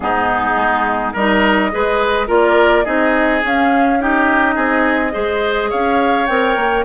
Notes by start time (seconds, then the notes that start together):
0.00 G#2 B3 D#4 G#4
0.55 G#3
1.13 G3 D#4 A#4 D#5
1.71 G#3 G#4 B4
2.27 A#3 F4 A#4 D5
2.84 C4 D#4 G#4 D#5
3.43 C#4 F5
4.00 D#4 G4 D#5
4.55 C4 G#4
5.11 G#3 G#4 C5
5.70 C#4 C#5 F5
6.26 C4 A#4 G5
6.56 A#3